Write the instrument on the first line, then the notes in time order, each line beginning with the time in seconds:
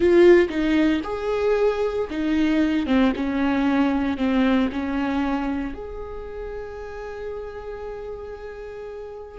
viola
0.00 F4
0.49 D#4
1.03 G#4
2.10 D#4
2.86 C4
3.16 C#4
4.17 C4
4.71 C#4
5.73 G#4